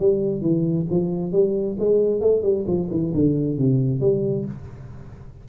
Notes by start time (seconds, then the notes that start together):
0.00 G3
0.42 E3
0.91 F3
1.32 G3
1.80 G#3
2.21 A3
2.43 G3
2.68 F3
2.91 E3
3.14 D3
3.58 C3
4.01 G3